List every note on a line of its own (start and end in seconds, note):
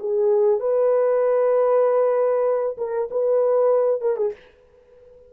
0.00 0.60 G#4
0.60 2.77 B4
2.78 3.09 A#4
3.11 4.01 B4
4.01 4.17 A#4
4.17 4.32 G#4